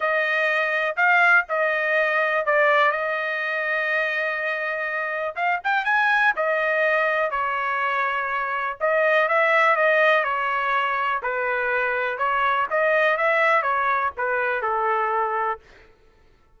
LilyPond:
\new Staff \with { instrumentName = "trumpet" } { \time 4/4 \tempo 4 = 123 dis''2 f''4 dis''4~ | dis''4 d''4 dis''2~ | dis''2. f''8 g''8 | gis''4 dis''2 cis''4~ |
cis''2 dis''4 e''4 | dis''4 cis''2 b'4~ | b'4 cis''4 dis''4 e''4 | cis''4 b'4 a'2 | }